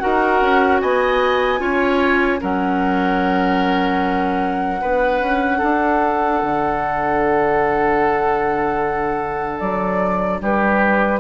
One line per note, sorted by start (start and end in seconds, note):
0.00 0.42 D#4
0.00 1.59 F#4
0.00 0.82 A#4
0.00 0.80 F#5
0.42 0.82 C#4
0.81 1.60 B3
0.81 1.61 D#5
0.81 2.41 G#5
1.59 2.40 C#4
1.59 2.39 F4
1.59 2.41 C#5
2.41 4.83 F#3
2.41 4.78 C#4
2.41 4.81 A#4
2.41 9.60 F#5
4.78 5.21 B3
4.78 11.18 D4
4.78 5.58 B4
5.21 5.61 C#4
5.58 6.43 D4
5.58 10.38 A4
6.43 9.61 D3
9.60 10.41 F#3
9.60 10.40 D5
10.41 11.20 G3
10.41 11.20 G4
10.41 11.20 B4